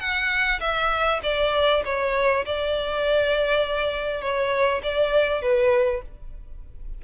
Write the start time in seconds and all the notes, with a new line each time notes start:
0.00 F#5
0.60 E5
1.23 D5
1.85 C#5
2.45 D5
4.22 C#5
4.83 D5
5.42 B4